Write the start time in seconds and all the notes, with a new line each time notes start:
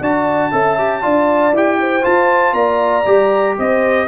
0.00 D4 F#4 D5 A5
0.51 C#4 A4 E5
0.77 G4
1.01 D4 F4 D5
1.52 E4 G4 G5
1.80 C5
2.02 F4 A5
2.53 A#3 D5 A#5
3.05 G3 G4
3.58 C4 C5 D#5